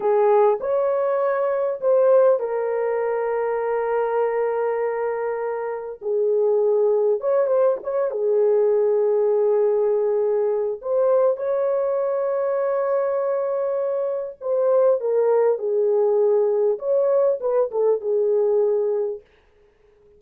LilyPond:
\new Staff \with { instrumentName = "horn" } { \time 4/4 \tempo 4 = 100 gis'4 cis''2 c''4 | ais'1~ | ais'2 gis'2 | cis''8 c''8 cis''8 gis'2~ gis'8~ |
gis'2 c''4 cis''4~ | cis''1 | c''4 ais'4 gis'2 | cis''4 b'8 a'8 gis'2 | }